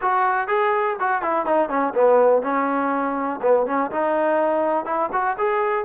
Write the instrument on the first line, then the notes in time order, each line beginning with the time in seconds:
trombone
0.01 F#4
0.47 G#4
0.99 F#4
1.22 E4
1.45 D#4
1.69 C#4
1.94 B3
2.42 C#4
3.42 B3
3.66 C#4
3.91 D#4
4.85 E4
5.12 F#4
5.38 G#4